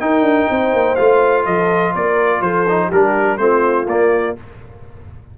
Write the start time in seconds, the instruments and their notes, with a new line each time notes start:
0.00 trombone D#4, tuba D#4, horn A#4, trumpet G5
0.22 tuba D4
0.50 tuba C4, horn C5
0.74 tuba A#3
0.95 tuba A3, trombone F4, trumpet F5
1.45 tuba F3, horn A4, trumpet D#5
1.94 tuba A#3, horn A#4, trumpet D5
2.41 tuba F3, horn A4, trumpet C5
2.68 trombone D#4
2.87 tuba G3, trombone D4, horn G4, trumpet A#4
3.38 tuba A3, trombone C4, horn F4, trumpet C5
3.87 tuba A#3, trombone A#3, trumpet D5